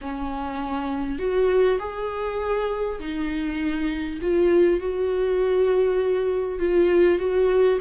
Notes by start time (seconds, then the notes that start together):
0.01 C#4
1.18 F#4
1.79 G#4
2.99 D#4
4.21 F4
4.79 F#4
6.59 F4
7.18 F#4